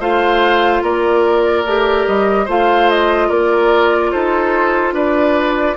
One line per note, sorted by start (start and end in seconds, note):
0.00 0.82 A3
0.00 1.65 F4
0.00 0.83 C5
0.00 0.83 F5
0.82 1.65 A#3
0.82 2.46 A#4
0.82 2.07 D5
1.65 2.06 A3
1.65 2.48 G4
2.07 2.48 G3
2.07 2.48 D#5
2.46 3.30 A3
2.46 5.77 F4
2.46 3.28 C5
2.46 2.90 F5
2.90 3.30 D#5
3.29 4.12 A#3
3.29 4.11 A#4
3.29 4.11 D5
4.11 4.92 D#4
4.11 4.94 A4
4.11 4.94 C5
4.92 5.75 D4
4.92 5.77 B4
4.92 5.77 D5